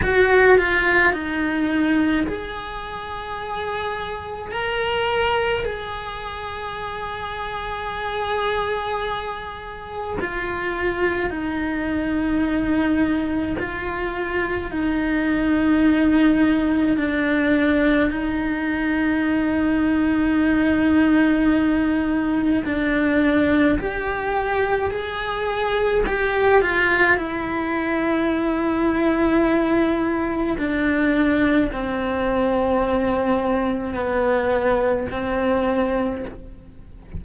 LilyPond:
\new Staff \with { instrumentName = "cello" } { \time 4/4 \tempo 4 = 53 fis'8 f'8 dis'4 gis'2 | ais'4 gis'2.~ | gis'4 f'4 dis'2 | f'4 dis'2 d'4 |
dis'1 | d'4 g'4 gis'4 g'8 f'8 | e'2. d'4 | c'2 b4 c'4 | }